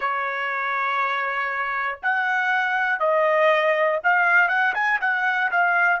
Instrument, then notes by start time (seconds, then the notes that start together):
trumpet
0.00 C#5
2.02 F#5
2.99 D#5
4.03 F5
4.48 F#5
4.74 G#5
5.00 F#5
5.50 F5